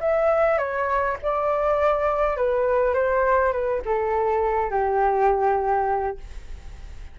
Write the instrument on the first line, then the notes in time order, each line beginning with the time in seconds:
flute
0.00 E5
0.58 C#5
1.22 D5
2.36 B4
2.94 C5
3.52 B4
3.85 A4
4.70 G4